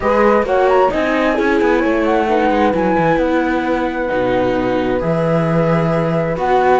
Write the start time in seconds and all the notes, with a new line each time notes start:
0.00 G#3 G#4 B4 D#5
0.42 A#3 F#4 C#5 F#5
0.68 A#5
0.89 C4 D#4 D#5 G#5
1.34 C#4 E4 G#4
1.61 B3
1.78 A3 C#5
2.04 F#5
2.28 D#4 B4
2.50 G#3
2.73 F#3 E4 G#5
2.98 E3
3.17 B3 F#5
4.08 B2 D#4
4.99 E3 G#4 E5
6.36 B3 F#4 F#5